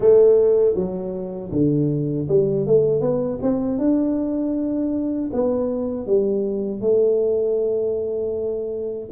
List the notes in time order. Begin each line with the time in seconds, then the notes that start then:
0.00 A3
0.75 F#3
1.51 D3
2.28 G3
2.66 A3
3.00 B3
3.42 C4
3.78 D4
5.33 B3
6.06 G3
6.80 A3